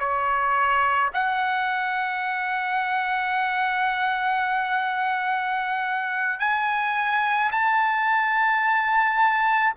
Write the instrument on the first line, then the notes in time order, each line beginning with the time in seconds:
trumpet
0.00 C#5
1.14 F#5
6.40 G#5
7.52 A5